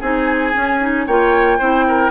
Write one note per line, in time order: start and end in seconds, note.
0.00 0.54 C4
0.00 0.54 D#4
0.00 1.05 G#4
0.00 1.07 G#5
0.54 0.80 C#4
0.54 1.07 C#4
0.81 1.07 D#4
1.07 1.60 A#3
1.07 1.60 F4
1.07 1.59 C#5
1.07 2.11 G5
1.59 2.11 C4
1.59 2.11 E4
1.59 1.85 C5
1.88 2.11 A#4